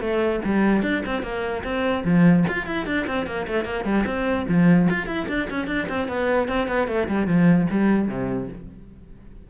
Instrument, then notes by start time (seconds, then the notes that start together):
cello
0.00 A3
0.45 G3
0.82 D4
1.06 C4
1.23 A#3
1.63 C4
2.05 F3
2.48 F4
2.66 E4
2.86 D4
3.07 C4
3.26 A#3
3.47 A3
3.64 A#3
3.85 G3
4.06 C4
4.48 F3
4.89 F4
5.06 E4
5.28 D4
5.50 C#4
5.67 D4
5.88 C4
6.08 B3
6.48 C4
6.68 B3
6.87 A3
7.08 G3
7.27 F3
7.70 G3
8.08 C3